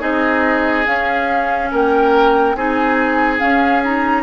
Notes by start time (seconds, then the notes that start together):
0.00 C4 D#4 G#4 D#5
0.87 C#4 F5
1.72 A#3 A#4 G5
2.55 C4 D#4 G#4 G#5
3.39 C#4 F5
3.84 D#4 A#5